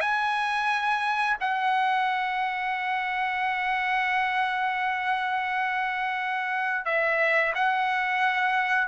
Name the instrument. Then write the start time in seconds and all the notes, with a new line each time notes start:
trumpet
0.00 G#5
1.40 F#5
6.85 E5
7.54 F#5